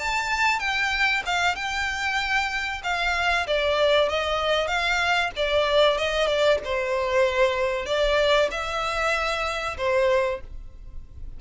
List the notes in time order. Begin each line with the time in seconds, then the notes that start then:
0.00 A5
0.60 G5
1.26 F5
1.56 G5
2.84 F5
3.47 D5
4.10 D#5
4.68 F5
5.37 D5
5.99 D#5
6.28 D5
6.65 C5
7.86 D5
8.51 E5
9.78 C5